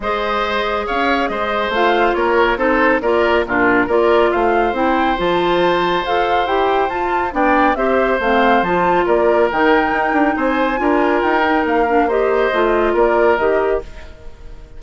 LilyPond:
<<
  \new Staff \with { instrumentName = "flute" } { \time 4/4 \tempo 4 = 139 dis''2 f''4 dis''4 | f''4 cis''4 c''4 d''4 | ais'4 d''4 f''4 g''4 | a''2 f''4 g''4 |
a''4 g''4 e''4 f''4 | a''4 d''4 g''2 | gis''2 g''4 f''4 | dis''2 d''4 dis''4 | }
  \new Staff \with { instrumentName = "oboe" } { \time 4/4 c''2 cis''4 c''4~ | c''4 ais'4 a'4 ais'4 | f'4 ais'4 c''2~ | c''1~ |
c''4 d''4 c''2~ | c''4 ais'2. | c''4 ais'2. | c''2 ais'2 | }
  \new Staff \with { instrumentName = "clarinet" } { \time 4/4 gis'1 | f'2 dis'4 f'4 | d'4 f'2 e'4 | f'2 a'4 g'4 |
f'4 d'4 g'4 c'4 | f'2 dis'2~ | dis'4 f'4. dis'4 d'8 | g'4 f'2 g'4 | }
  \new Staff \with { instrumentName = "bassoon" } { \time 4/4 gis2 cis'4 gis4 | a4 ais4 c'4 ais4 | ais,4 ais4 a4 c'4 | f2 f'4 e'4 |
f'4 b4 c'4 a4 | f4 ais4 dis4 dis'8 d'8 | c'4 d'4 dis'4 ais4~ | ais4 a4 ais4 dis4 | }
>>